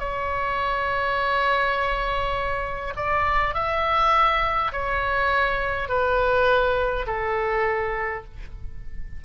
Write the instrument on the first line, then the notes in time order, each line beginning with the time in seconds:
oboe
0.00 C#5
2.97 D5
3.55 E5
4.73 C#5
5.89 B4
7.07 A4